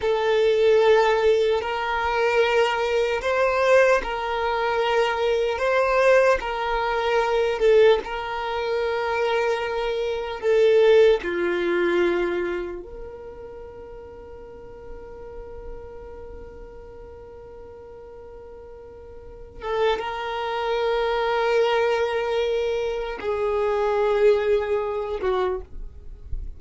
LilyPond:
\new Staff \with { instrumentName = "violin" } { \time 4/4 \tempo 4 = 75 a'2 ais'2 | c''4 ais'2 c''4 | ais'4. a'8 ais'2~ | ais'4 a'4 f'2 |
ais'1~ | ais'1~ | ais'8 a'8 ais'2.~ | ais'4 gis'2~ gis'8 fis'8 | }